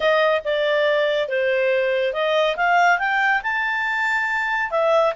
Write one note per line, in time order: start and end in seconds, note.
0.00 0.42 D#5
0.44 1.28 D5
1.28 2.13 C5
2.13 2.56 D#5
2.56 2.98 F5
2.98 3.41 G5
3.42 4.70 A5
4.70 5.13 E5